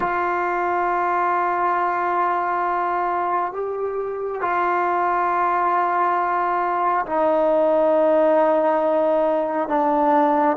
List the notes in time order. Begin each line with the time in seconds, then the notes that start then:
0.00 F4
3.53 G4
4.41 F4
7.05 D#4
9.68 D4